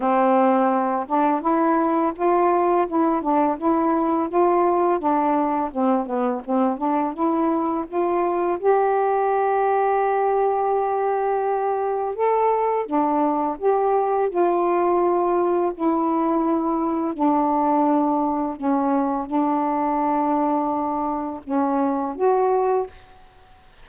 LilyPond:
\new Staff \with { instrumentName = "saxophone" } { \time 4/4 \tempo 4 = 84 c'4. d'8 e'4 f'4 | e'8 d'8 e'4 f'4 d'4 | c'8 b8 c'8 d'8 e'4 f'4 | g'1~ |
g'4 a'4 d'4 g'4 | f'2 e'2 | d'2 cis'4 d'4~ | d'2 cis'4 fis'4 | }